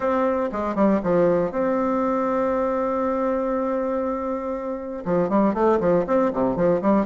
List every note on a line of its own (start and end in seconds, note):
0.00 0.50 C4
0.52 0.75 G#3
0.75 1.00 G3
1.03 1.51 F3
1.51 5.04 C4
5.05 5.29 F3
5.29 5.54 G3
5.54 5.79 A3
5.80 6.05 F3
6.06 6.32 C4
6.33 6.56 C3
6.56 6.81 F3
6.81 7.05 G3